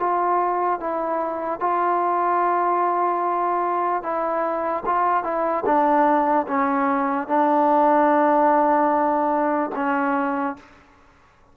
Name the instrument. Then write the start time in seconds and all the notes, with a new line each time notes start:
trombone
0.00 F4
0.80 E4
1.60 F4
4.03 E4
4.86 F4
5.24 E4
5.66 D4
6.48 C#4
7.28 D4
9.76 C#4